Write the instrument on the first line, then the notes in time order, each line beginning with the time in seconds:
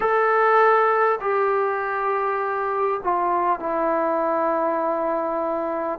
trombone
0.00 A4
1.20 G4
3.03 F4
3.59 E4